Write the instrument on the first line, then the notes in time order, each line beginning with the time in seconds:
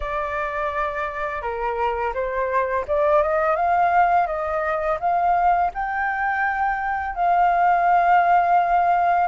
flute
0.00 D5
1.42 A#4
2.14 C5
2.87 D5
3.22 D#5
3.56 F5
4.27 D#5
4.99 F5
5.73 G5
7.15 F5